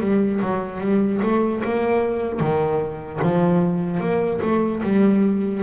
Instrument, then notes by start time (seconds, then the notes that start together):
double bass
0.00 G3
0.41 F#3
0.81 G3
1.22 A3
1.64 A#3
2.40 D#3
3.22 F3
4.00 A#3
4.42 A3
4.83 G3